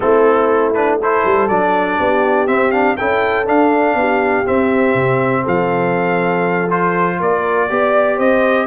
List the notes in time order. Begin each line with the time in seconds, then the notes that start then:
0.00 A3 C4 E4 A4
0.74 D4 B4
1.00 E4 A4 C5
1.24 G3
1.48 F#3 D4 D5
1.99 B3 G4
2.47 C4 E5
2.71 D4 F5
2.97 C#4 E4 A4 G5
3.45 D4 F5
3.94 B3 G4
4.44 C4 E5
4.94 C3
5.42 F3 A4 F5
6.70 F4 C5
7.19 A#3 A#4 D5
7.69 B3 G4 D5
8.16 C4 C5 D#5